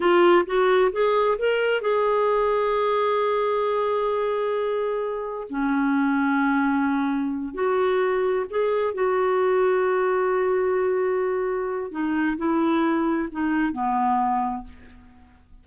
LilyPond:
\new Staff \with { instrumentName = "clarinet" } { \time 4/4 \tempo 4 = 131 f'4 fis'4 gis'4 ais'4 | gis'1~ | gis'1 | cis'1~ |
cis'8 fis'2 gis'4 fis'8~ | fis'1~ | fis'2 dis'4 e'4~ | e'4 dis'4 b2 | }